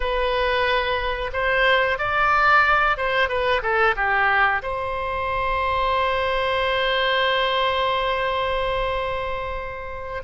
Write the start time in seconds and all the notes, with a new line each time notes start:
0.00 B4
1.32 C5
1.98 D5
2.97 C5
3.28 B4
3.62 A4
3.96 G4
4.62 C5